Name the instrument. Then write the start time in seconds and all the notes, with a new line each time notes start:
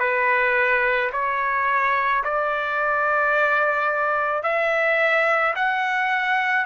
trumpet
0.00 B4
1.13 C#5
2.24 D5
4.44 E5
5.56 F#5